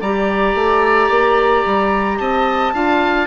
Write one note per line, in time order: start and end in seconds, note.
0.00 0.54 G3
0.00 2.74 G4
0.00 2.18 D5
0.00 2.18 A#5
0.54 1.09 A3
1.09 1.64 A#3
1.65 2.19 G3
2.18 2.73 C4
2.18 2.73 D#5
2.18 3.27 A5
2.73 3.27 D4
2.73 3.27 F4
2.73 3.27 F5